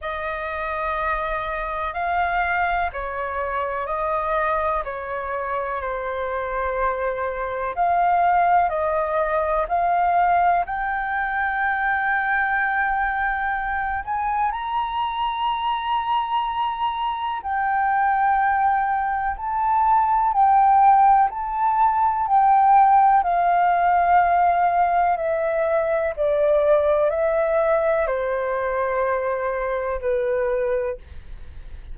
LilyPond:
\new Staff \with { instrumentName = "flute" } { \time 4/4 \tempo 4 = 62 dis''2 f''4 cis''4 | dis''4 cis''4 c''2 | f''4 dis''4 f''4 g''4~ | g''2~ g''8 gis''8 ais''4~ |
ais''2 g''2 | a''4 g''4 a''4 g''4 | f''2 e''4 d''4 | e''4 c''2 b'4 | }